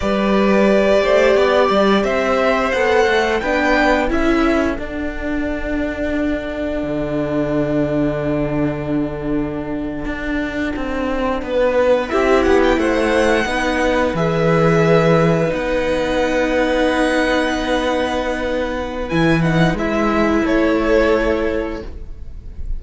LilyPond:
<<
  \new Staff \with { instrumentName = "violin" } { \time 4/4 \tempo 4 = 88 d''2. e''4 | fis''4 g''4 e''4 fis''4~ | fis''1~ | fis''1~ |
fis''4.~ fis''16 e''8 fis''16 g''16 fis''4~ fis''16~ | fis''8. e''2 fis''4~ fis''16~ | fis''1 | gis''8 fis''8 e''4 cis''2 | }
  \new Staff \with { instrumentName = "violin" } { \time 4/4 b'4. c''8 d''4 c''4~ | c''4 b'4 a'2~ | a'1~ | a'1~ |
a'8. b'4 g'4 c''4 b'16~ | b'1~ | b'1~ | b'2 a'2 | }
  \new Staff \with { instrumentName = "viola" } { \time 4/4 g'1 | a'4 d'4 e'4 d'4~ | d'1~ | d'1~ |
d'4.~ d'16 e'2 dis'16~ | dis'8. gis'2 dis'4~ dis'16~ | dis'1 | e'8 dis'8 e'2. | }
  \new Staff \with { instrumentName = "cello" } { \time 4/4 g4. a8 b8 g8 c'4 | b8 a8 b4 cis'4 d'4~ | d'2 d2~ | d2~ d8. d'4 c'16~ |
c'8. b4 c'8 b8 a4 b16~ | b8. e2 b4~ b16~ | b1 | e4 gis4 a2 | }
>>